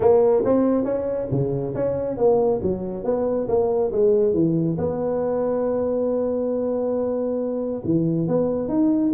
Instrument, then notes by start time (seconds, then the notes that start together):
tuba
0.00 A#3
0.44 C4
0.84 C#4
1.31 C#3
1.74 C#4
2.17 A#3
2.62 F#3
3.04 B3
3.48 A#3
3.92 G#3
4.33 E3
4.77 B3
7.84 E3
8.27 B3
8.68 D#4